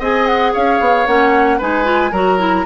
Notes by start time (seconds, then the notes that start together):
0.00 C4 G#4 D#5 G#5
0.27 F#5
0.54 C#4 C#5 F5
0.80 B3
1.07 A#3 C#4 F#5
1.58 G#3 D#4 B4 G#5
1.85 F4
2.12 F#3 F#4 A#4 A#5
2.39 E4